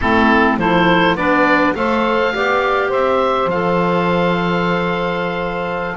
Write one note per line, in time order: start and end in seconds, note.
0.00 0.57 A3
0.00 0.59 C4
0.00 0.58 E4
0.00 0.58 A4
0.57 1.15 F3
0.57 1.17 E4
0.57 1.16 A4
0.57 1.16 C5
1.15 1.73 B3
1.15 1.75 D4
1.15 1.74 B4
1.15 1.74 D5
1.74 2.33 A3
1.74 2.33 A4
1.74 2.33 C5
1.74 2.91 F5
2.33 2.92 B3
2.33 3.51 G4
2.33 2.88 D5
2.88 3.46 C4
2.88 5.94 C5
2.88 3.50 E5
3.46 5.93 F3
3.46 5.96 F5
3.52 5.96 A4